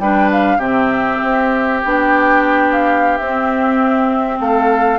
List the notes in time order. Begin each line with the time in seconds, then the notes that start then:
0.00 G3 D4 B4 G5
0.32 F5
0.58 C3 C4 G4 E5
1.23 C4
1.84 B3 D4 G5
2.73 F5
3.18 C4 E5
4.40 A3 A4 F5